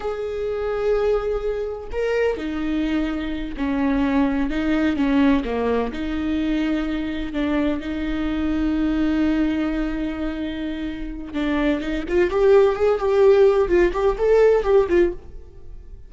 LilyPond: \new Staff \with { instrumentName = "viola" } { \time 4/4 \tempo 4 = 127 gis'1 | ais'4 dis'2~ dis'8 cis'8~ | cis'4. dis'4 cis'4 ais8~ | ais8 dis'2. d'8~ |
d'8 dis'2.~ dis'8~ | dis'1 | d'4 dis'8 f'8 g'4 gis'8 g'8~ | g'4 f'8 g'8 a'4 g'8 f'8 | }